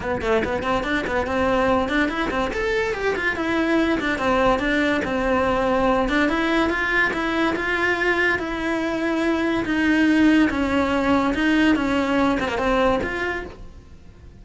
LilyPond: \new Staff \with { instrumentName = "cello" } { \time 4/4 \tempo 4 = 143 b8 a8 b8 c'8 d'8 b8 c'4~ | c'8 d'8 e'8 c'8 a'4 g'8 f'8 | e'4. d'8 c'4 d'4 | c'2~ c'8 d'8 e'4 |
f'4 e'4 f'2 | e'2. dis'4~ | dis'4 cis'2 dis'4 | cis'4. c'16 ais16 c'4 f'4 | }